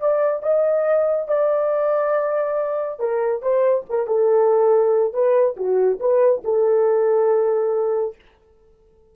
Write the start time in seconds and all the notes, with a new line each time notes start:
0.00 D5
0.43 D#5
1.28 D5
3.00 A#4
3.42 C5
3.90 A#4
4.07 A4
5.14 B4
5.57 F#4
6.00 B4
6.44 A4